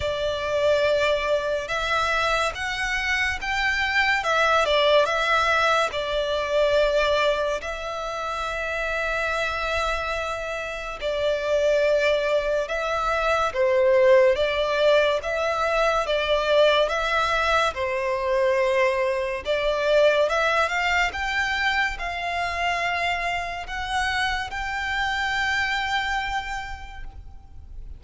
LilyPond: \new Staff \with { instrumentName = "violin" } { \time 4/4 \tempo 4 = 71 d''2 e''4 fis''4 | g''4 e''8 d''8 e''4 d''4~ | d''4 e''2.~ | e''4 d''2 e''4 |
c''4 d''4 e''4 d''4 | e''4 c''2 d''4 | e''8 f''8 g''4 f''2 | fis''4 g''2. | }